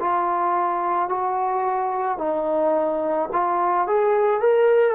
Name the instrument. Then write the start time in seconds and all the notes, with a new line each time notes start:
trombone
0.00 F4
1.09 F#4
2.18 D#4
3.32 F4
3.87 G#4
4.40 A#4